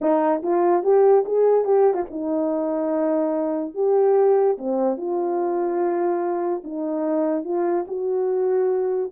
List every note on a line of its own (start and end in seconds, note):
0.01 0.42 D#4
0.42 0.83 F4
0.83 1.24 G4
1.25 1.64 G#4
1.64 1.94 G4
1.94 2.04 F4
2.10 3.74 D#4
3.74 4.57 G4
4.58 4.97 C4
4.97 6.62 F4
6.64 7.44 D#4
7.44 7.85 F4
7.87 9.11 F#4